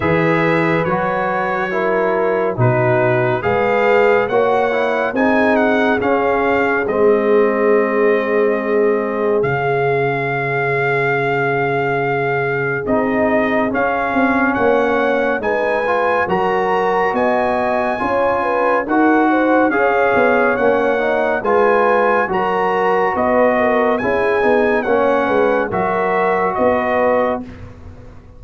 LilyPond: <<
  \new Staff \with { instrumentName = "trumpet" } { \time 4/4 \tempo 4 = 70 e''4 cis''2 b'4 | f''4 fis''4 gis''8 fis''8 f''4 | dis''2. f''4~ | f''2. dis''4 |
f''4 fis''4 gis''4 ais''4 | gis''2 fis''4 f''4 | fis''4 gis''4 ais''4 dis''4 | gis''4 fis''4 e''4 dis''4 | }
  \new Staff \with { instrumentName = "horn" } { \time 4/4 b'2 ais'4 fis'4 | b'4 cis''4 gis'2~ | gis'1~ | gis'1~ |
gis'4 cis''4 b'4 ais'4 | dis''4 cis''8 b'8 ais'8 c''8 cis''4~ | cis''4 b'4 ais'4 b'8 ais'8 | gis'4 cis''8 b'8 ais'4 b'4 | }
  \new Staff \with { instrumentName = "trombone" } { \time 4/4 gis'4 fis'4 e'4 dis'4 | gis'4 fis'8 e'8 dis'4 cis'4 | c'2. cis'4~ | cis'2. dis'4 |
cis'2 dis'8 f'8 fis'4~ | fis'4 f'4 fis'4 gis'4 | cis'8 dis'8 f'4 fis'2 | e'8 dis'8 cis'4 fis'2 | }
  \new Staff \with { instrumentName = "tuba" } { \time 4/4 e4 fis2 b,4 | gis4 ais4 c'4 cis'4 | gis2. cis4~ | cis2. c'4 |
cis'8 c'8 ais4 gis4 fis4 | b4 cis'4 dis'4 cis'8 b8 | ais4 gis4 fis4 b4 | cis'8 b8 ais8 gis8 fis4 b4 | }
>>